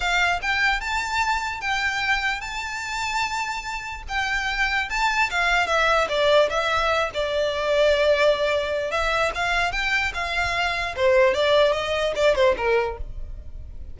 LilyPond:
\new Staff \with { instrumentName = "violin" } { \time 4/4 \tempo 4 = 148 f''4 g''4 a''2 | g''2 a''2~ | a''2 g''2 | a''4 f''4 e''4 d''4 |
e''4. d''2~ d''8~ | d''2 e''4 f''4 | g''4 f''2 c''4 | d''4 dis''4 d''8 c''8 ais'4 | }